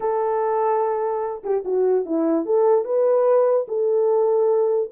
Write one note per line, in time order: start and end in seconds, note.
0.00 1.42 A4
1.43 1.64 G4
1.64 2.05 F#4
2.05 2.45 E4
2.45 2.85 A4
2.85 3.66 B4
3.67 4.90 A4